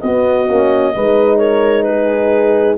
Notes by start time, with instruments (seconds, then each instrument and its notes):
0.00 tuba B3, horn B3 F#4, clarinet D#5
0.48 tuba A#3, horn C#4
0.95 tuba G#3, horn D#4 B4
1.37 horn A#4, clarinet C#5
1.83 horn G#4, clarinet B4